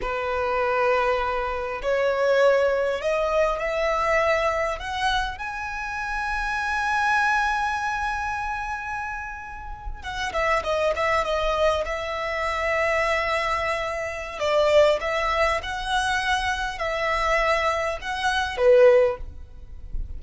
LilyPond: \new Staff \with { instrumentName = "violin" } { \time 4/4 \tempo 4 = 100 b'2. cis''4~ | cis''4 dis''4 e''2 | fis''4 gis''2.~ | gis''1~ |
gis''8. fis''8 e''8 dis''8 e''8 dis''4 e''16~ | e''1 | d''4 e''4 fis''2 | e''2 fis''4 b'4 | }